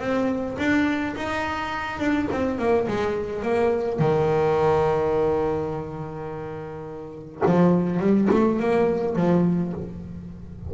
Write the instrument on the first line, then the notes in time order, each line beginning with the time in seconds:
double bass
0.00 C4
0.59 D4
1.16 D#4
2.00 D4
2.32 C4
2.59 A#3
2.88 G#3
3.43 A#3
3.99 D#3
7.46 F3
8.00 G3
8.31 A3
8.60 A#3
9.16 F3